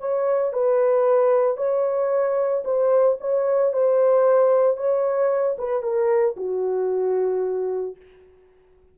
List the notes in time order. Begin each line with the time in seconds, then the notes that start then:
0.00 C#5
0.53 B4
1.57 C#5
2.65 C5
3.21 C#5
3.73 C5
4.77 C#5
5.58 B4
5.83 A#4
6.37 F#4